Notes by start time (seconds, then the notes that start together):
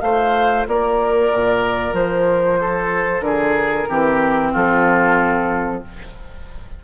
0.00 A3 F4 C5 F5
0.67 A#3 A#4 D5
1.33 A#2
1.93 F3 C5
2.60 A4
3.20 D3 G#4 A#4
3.88 E3 C4 G4
4.52 F3 F4 A4